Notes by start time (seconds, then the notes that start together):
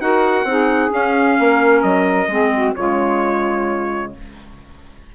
0.00 D#4 F#4 A#4 F#5
0.44 C4 D#4
0.50 G#4
0.90 C#4 F5
1.39 A#3 A#4
1.82 F#3 D#5
2.28 G#3 C4 G#4
2.54 F#4
2.76 C#3 G#3 F4 C#5